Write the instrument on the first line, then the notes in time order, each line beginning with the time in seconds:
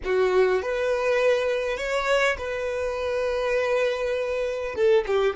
violin
0.04 F#4
0.62 B4
1.77 C#5
2.38 B4
4.75 A4
5.07 G4